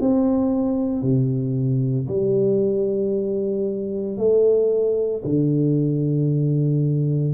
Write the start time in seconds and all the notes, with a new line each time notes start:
0.00 C4
1.02 C3
2.08 G3
4.18 A3
5.25 D3